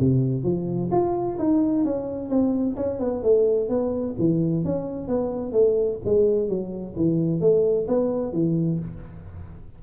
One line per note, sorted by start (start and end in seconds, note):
0.00 0.44 C3
0.44 0.90 F3
0.92 1.38 F4
1.39 1.85 D#4
1.85 2.30 C#4
2.30 2.76 C4
2.76 3.00 C#4
3.00 3.23 B3
3.23 3.69 A3
3.69 4.16 B3
4.19 4.65 E3
4.65 5.08 C#4
5.08 5.52 B3
5.52 5.99 A3
6.05 6.49 G#3
6.49 6.95 F#3
6.96 7.41 E3
7.41 7.88 A3
7.88 8.33 B3
8.33 8.79 E3